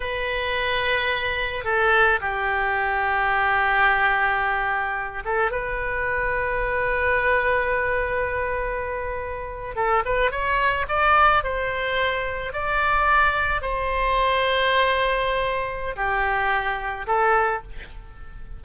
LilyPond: \new Staff \with { instrumentName = "oboe" } { \time 4/4 \tempo 4 = 109 b'2. a'4 | g'1~ | g'4. a'8 b'2~ | b'1~ |
b'4.~ b'16 a'8 b'8 cis''4 d''16~ | d''8. c''2 d''4~ d''16~ | d''8. c''2.~ c''16~ | c''4 g'2 a'4 | }